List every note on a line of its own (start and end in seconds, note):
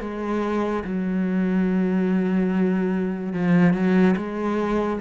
0.00 0.83 G#3
0.84 3.33 F#3
3.33 3.73 F3
3.73 4.15 F#3
4.17 5.00 G#3